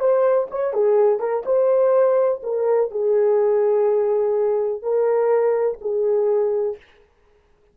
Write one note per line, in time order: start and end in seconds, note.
0.00 0.48 C5
0.51 0.74 C#5
0.74 1.20 G#4
1.20 1.44 A#4
1.45 2.41 C5
2.43 2.91 A#4
2.91 4.82 G#4
4.82 5.78 A#4
5.81 6.77 G#4